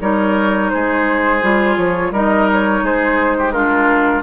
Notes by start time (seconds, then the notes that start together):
0.00 G3 D#4 A#4 C#5
0.70 G#3 G#4 C5
1.42 G3 F4
1.77 F3 C#5
2.11 G3 D#4 A#4 D#5
2.53 C#5
2.83 G#3 G#4 C5
3.38 G4
3.51 D4 F4 A#4